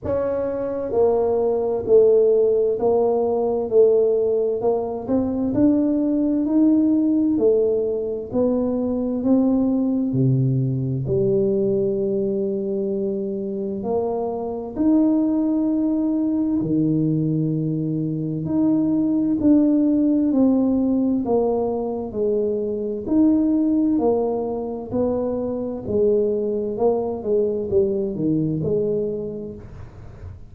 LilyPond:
\new Staff \with { instrumentName = "tuba" } { \time 4/4 \tempo 4 = 65 cis'4 ais4 a4 ais4 | a4 ais8 c'8 d'4 dis'4 | a4 b4 c'4 c4 | g2. ais4 |
dis'2 dis2 | dis'4 d'4 c'4 ais4 | gis4 dis'4 ais4 b4 | gis4 ais8 gis8 g8 dis8 gis4 | }